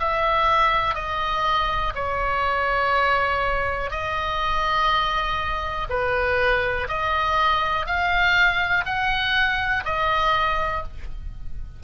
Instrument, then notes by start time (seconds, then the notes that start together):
oboe
0.00 E5
0.95 D#5
1.95 C#5
3.91 D#5
5.89 B4
6.89 D#5
7.86 F5
8.85 F#5
9.85 D#5